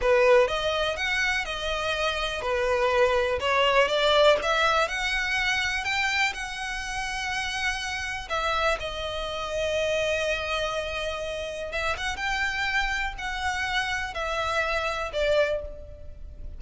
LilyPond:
\new Staff \with { instrumentName = "violin" } { \time 4/4 \tempo 4 = 123 b'4 dis''4 fis''4 dis''4~ | dis''4 b'2 cis''4 | d''4 e''4 fis''2 | g''4 fis''2.~ |
fis''4 e''4 dis''2~ | dis''1 | e''8 fis''8 g''2 fis''4~ | fis''4 e''2 d''4 | }